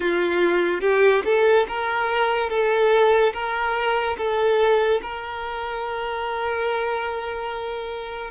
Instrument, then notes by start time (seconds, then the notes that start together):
violin
0.00 F4
0.80 G4
1.24 A4
1.67 A#4
2.49 A4
3.33 A#4
4.17 A4
5.02 A#4